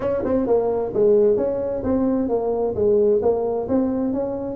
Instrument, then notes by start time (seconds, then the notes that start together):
tuba
0.00 C#4
0.24 C4
0.46 A#3
0.93 G#3
1.37 C#4
1.83 C4
2.28 A#3
2.75 G#3
3.21 A#3
3.68 C4
4.13 C#4